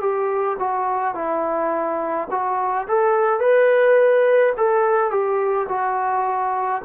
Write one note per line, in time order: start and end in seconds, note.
0.00 0.57 G4
0.59 1.14 F#4
1.14 2.27 E4
2.31 2.87 F#4
2.88 3.40 A4
3.40 4.53 B4
4.57 5.10 A4
5.10 5.67 G4
5.69 6.82 F#4